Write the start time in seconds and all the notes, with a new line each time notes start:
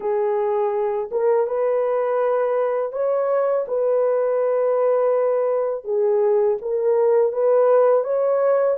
0.00 G#4
1.11 A#4
1.46 B4
2.92 C#5
3.68 B4
5.84 G#4
6.61 A#4
7.32 B4
8.04 C#5